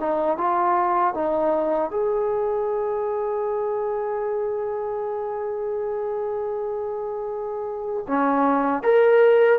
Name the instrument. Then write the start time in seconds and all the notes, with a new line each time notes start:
trombone
0.00 D#4
0.38 F4
1.15 D#4
1.91 G#4
8.08 C#4
8.84 A#4